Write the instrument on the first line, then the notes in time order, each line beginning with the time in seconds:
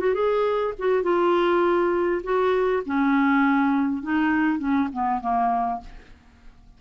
clarinet
0.00 F#4
0.15 G#4
0.79 F#4
1.03 F4
2.24 F#4
2.86 C#4
4.03 D#4
4.59 C#4
4.93 B3
5.21 A#3